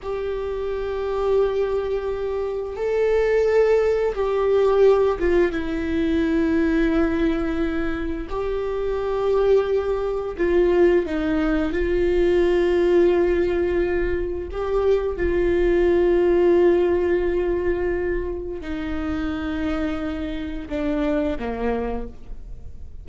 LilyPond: \new Staff \with { instrumentName = "viola" } { \time 4/4 \tempo 4 = 87 g'1 | a'2 g'4. f'8 | e'1 | g'2. f'4 |
dis'4 f'2.~ | f'4 g'4 f'2~ | f'2. dis'4~ | dis'2 d'4 ais4 | }